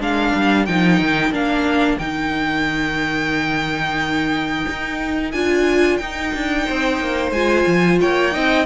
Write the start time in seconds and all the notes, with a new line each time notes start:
0.00 G#3 D4 A#4 F5
0.35 G3
0.66 F3 D#4 G5
1.00 D#3
1.31 A#3 D4 F5
1.98 D#3 D#4 G5
4.69 D#4
5.32 D4 F4 G#5
5.97 D#4 G5
6.34 D4
6.66 C4 C5
7.00 A#3
7.32 G#3 F4 G#5
7.67 F3
8.01 A#3 C#5 G5
8.32 C4 D#4 D#5